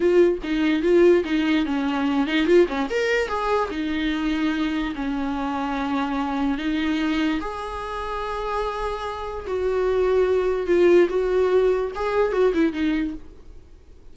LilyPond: \new Staff \with { instrumentName = "viola" } { \time 4/4 \tempo 4 = 146 f'4 dis'4 f'4 dis'4 | cis'4. dis'8 f'8 cis'8 ais'4 | gis'4 dis'2. | cis'1 |
dis'2 gis'2~ | gis'2. fis'4~ | fis'2 f'4 fis'4~ | fis'4 gis'4 fis'8 e'8 dis'4 | }